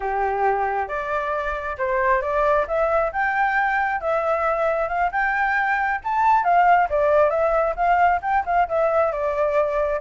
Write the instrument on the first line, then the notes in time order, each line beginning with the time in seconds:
flute
0.00 G4
0.87 D5
1.78 C5
2.21 D5
2.67 E5
3.12 G5
4.00 E5
4.88 F5
5.11 G5
6.04 A5
6.43 F5
6.89 D5
7.30 E5
7.76 F5
8.22 G5
8.45 F5
8.68 E5
9.12 D5